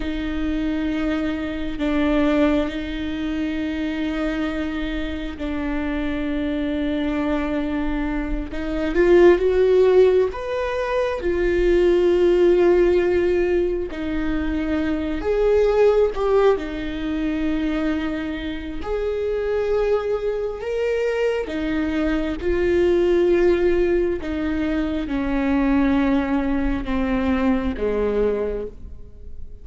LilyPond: \new Staff \with { instrumentName = "viola" } { \time 4/4 \tempo 4 = 67 dis'2 d'4 dis'4~ | dis'2 d'2~ | d'4. dis'8 f'8 fis'4 b'8~ | b'8 f'2. dis'8~ |
dis'4 gis'4 g'8 dis'4.~ | dis'4 gis'2 ais'4 | dis'4 f'2 dis'4 | cis'2 c'4 gis4 | }